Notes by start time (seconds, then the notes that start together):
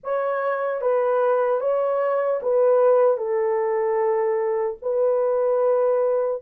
0.03 C#5
0.81 B4
1.60 C#5
2.42 B4
3.17 A4
4.81 B4